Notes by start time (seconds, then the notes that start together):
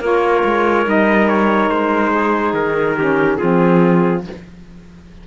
0.00 A#3 F4 A#4 C#5
0.44 G#3
0.84 G3 D#4 D#5
1.28 C#5
1.69 G#3 C5
2.14 G#4
2.53 D#3 A#4
2.96 C#4 G4
3.37 F3 C4 F4 G#4